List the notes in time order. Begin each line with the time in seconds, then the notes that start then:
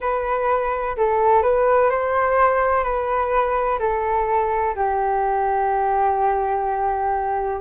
0.00 B4
0.97 A4
1.42 B4
1.90 C5
2.83 B4
3.79 A4
4.75 G4